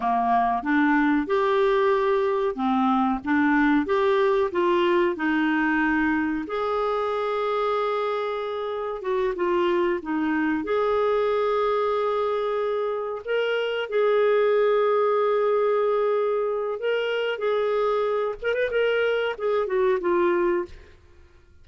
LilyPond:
\new Staff \with { instrumentName = "clarinet" } { \time 4/4 \tempo 4 = 93 ais4 d'4 g'2 | c'4 d'4 g'4 f'4 | dis'2 gis'2~ | gis'2 fis'8 f'4 dis'8~ |
dis'8 gis'2.~ gis'8~ | gis'8 ais'4 gis'2~ gis'8~ | gis'2 ais'4 gis'4~ | gis'8 ais'16 b'16 ais'4 gis'8 fis'8 f'4 | }